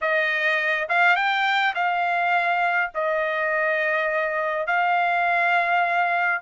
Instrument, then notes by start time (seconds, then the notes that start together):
trumpet
0.01 D#5
0.88 F5
1.15 G5
1.74 F5
2.94 D#5
4.66 F5